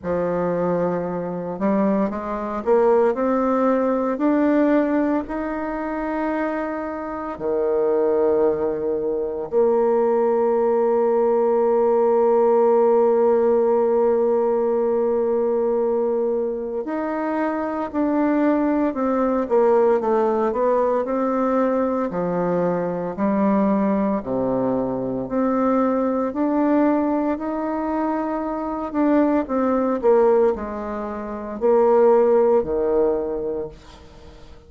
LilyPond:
\new Staff \with { instrumentName = "bassoon" } { \time 4/4 \tempo 4 = 57 f4. g8 gis8 ais8 c'4 | d'4 dis'2 dis4~ | dis4 ais2.~ | ais1 |
dis'4 d'4 c'8 ais8 a8 b8 | c'4 f4 g4 c4 | c'4 d'4 dis'4. d'8 | c'8 ais8 gis4 ais4 dis4 | }